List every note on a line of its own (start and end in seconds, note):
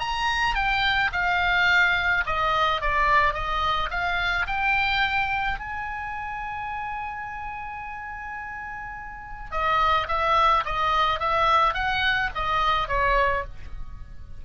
0.00 0.55 A#5
0.55 1.11 G5
1.13 2.25 F5
2.27 2.82 D#5
2.82 3.34 D5
3.34 3.90 D#5
3.91 4.47 F5
4.47 5.59 G5
5.59 9.51 G#5
9.51 10.08 D#5
10.09 10.65 E5
10.66 11.20 D#5
11.20 11.75 E5
11.75 12.31 F#5
12.35 12.88 D#5
12.88 13.45 C#5